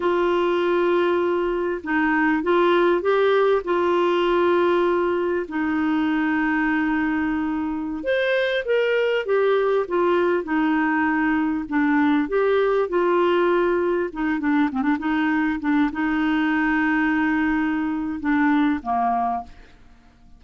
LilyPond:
\new Staff \with { instrumentName = "clarinet" } { \time 4/4 \tempo 4 = 99 f'2. dis'4 | f'4 g'4 f'2~ | f'4 dis'2.~ | dis'4~ dis'16 c''4 ais'4 g'8.~ |
g'16 f'4 dis'2 d'8.~ | d'16 g'4 f'2 dis'8 d'16~ | d'16 c'16 d'16 dis'4 d'8 dis'4.~ dis'16~ | dis'2 d'4 ais4 | }